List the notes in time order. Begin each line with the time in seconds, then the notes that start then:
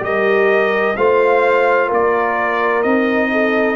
0.00 G3 G4 A#4 D#5
0.96 A3 F4 C5 F5
1.87 A#3 A#4
1.94 D5
2.83 C4 D#4 D#5
3.32 A4